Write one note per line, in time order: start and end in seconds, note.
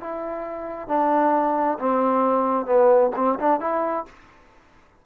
0.00 0.88 E4
0.88 1.78 D4
1.79 2.65 C4
2.65 3.10 B3
3.16 3.38 C4
3.39 3.60 D4
3.60 4.05 E4